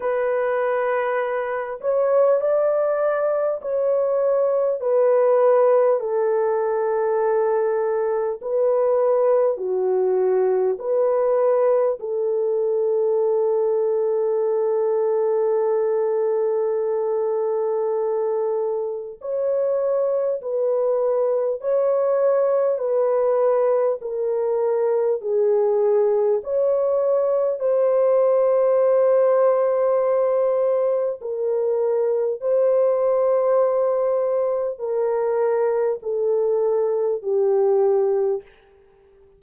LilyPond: \new Staff \with { instrumentName = "horn" } { \time 4/4 \tempo 4 = 50 b'4. cis''8 d''4 cis''4 | b'4 a'2 b'4 | fis'4 b'4 a'2~ | a'1 |
cis''4 b'4 cis''4 b'4 | ais'4 gis'4 cis''4 c''4~ | c''2 ais'4 c''4~ | c''4 ais'4 a'4 g'4 | }